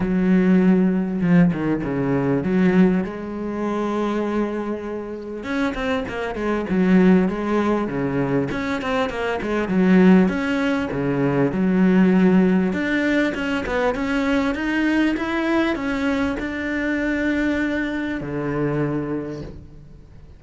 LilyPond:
\new Staff \with { instrumentName = "cello" } { \time 4/4 \tempo 4 = 99 fis2 f8 dis8 cis4 | fis4 gis2.~ | gis4 cis'8 c'8 ais8 gis8 fis4 | gis4 cis4 cis'8 c'8 ais8 gis8 |
fis4 cis'4 cis4 fis4~ | fis4 d'4 cis'8 b8 cis'4 | dis'4 e'4 cis'4 d'4~ | d'2 d2 | }